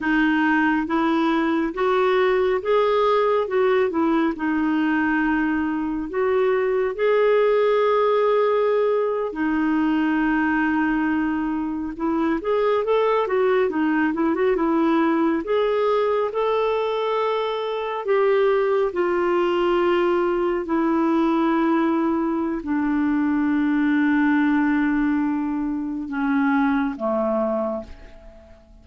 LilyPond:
\new Staff \with { instrumentName = "clarinet" } { \time 4/4 \tempo 4 = 69 dis'4 e'4 fis'4 gis'4 | fis'8 e'8 dis'2 fis'4 | gis'2~ gis'8. dis'4~ dis'16~ | dis'4.~ dis'16 e'8 gis'8 a'8 fis'8 dis'16~ |
dis'16 e'16 fis'16 e'4 gis'4 a'4~ a'16~ | a'8. g'4 f'2 e'16~ | e'2 d'2~ | d'2 cis'4 a4 | }